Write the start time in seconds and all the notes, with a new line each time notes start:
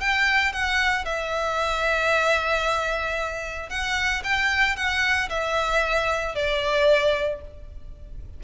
0.00 G5
0.52 F#5
1.05 E5
3.69 F#5
4.24 G5
4.76 F#5
5.29 E5
6.35 D5